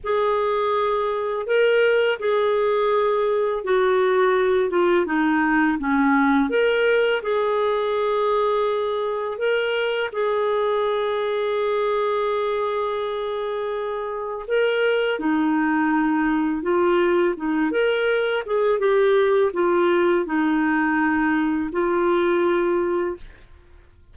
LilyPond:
\new Staff \with { instrumentName = "clarinet" } { \time 4/4 \tempo 4 = 83 gis'2 ais'4 gis'4~ | gis'4 fis'4. f'8 dis'4 | cis'4 ais'4 gis'2~ | gis'4 ais'4 gis'2~ |
gis'1 | ais'4 dis'2 f'4 | dis'8 ais'4 gis'8 g'4 f'4 | dis'2 f'2 | }